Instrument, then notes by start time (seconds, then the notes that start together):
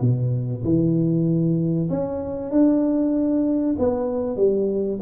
tuba
0.00 B2
0.64 E3
1.89 C#4
2.51 D4
3.78 B3
4.36 G3